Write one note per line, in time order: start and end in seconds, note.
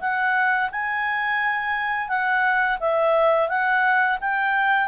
0.00 0.70 F#5
0.71 2.08 G#5
2.08 2.78 F#5
2.79 3.49 E5
3.49 4.18 F#5
4.21 4.88 G5